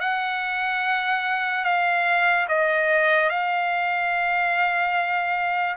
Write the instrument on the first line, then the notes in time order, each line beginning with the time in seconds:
trumpet
0.00 F#5
1.64 F5
2.48 D#5
3.30 F5